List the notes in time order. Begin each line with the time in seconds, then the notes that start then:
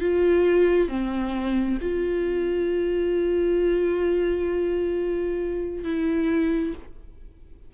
0.00 F4
0.88 C4
1.81 F4
5.84 E4